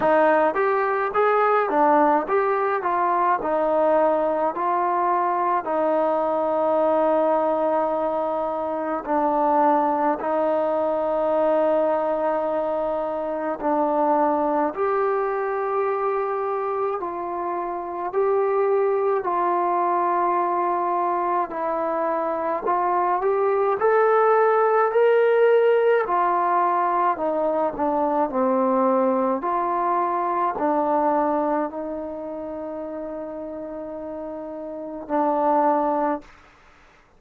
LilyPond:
\new Staff \with { instrumentName = "trombone" } { \time 4/4 \tempo 4 = 53 dis'8 g'8 gis'8 d'8 g'8 f'8 dis'4 | f'4 dis'2. | d'4 dis'2. | d'4 g'2 f'4 |
g'4 f'2 e'4 | f'8 g'8 a'4 ais'4 f'4 | dis'8 d'8 c'4 f'4 d'4 | dis'2. d'4 | }